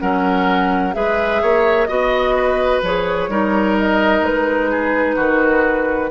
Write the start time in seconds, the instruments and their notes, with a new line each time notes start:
0.00 bassoon F#3, clarinet C#4, oboe A#4, flute F#5
0.94 bassoon G#3, clarinet G#4, oboe B4, flute E5
1.42 bassoon A#3, oboe C#5
1.85 bassoon B3, clarinet F#4, flute D#5, oboe D#5
2.36 oboe B4
2.82 bassoon F3, clarinet G#4, flute C#5
3.28 bassoon G3, clarinet D#4, oboe A#4
3.78 flute D#5
4.21 bassoon G#3, flute B4
4.71 oboe G#4
5.16 bassoon D#3, oboe F#4